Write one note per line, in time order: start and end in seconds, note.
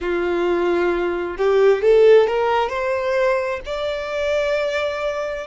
0.00 1.37 F4
1.37 1.82 G4
1.82 2.27 A4
2.27 2.69 A#4
2.69 3.60 C5
3.65 5.47 D5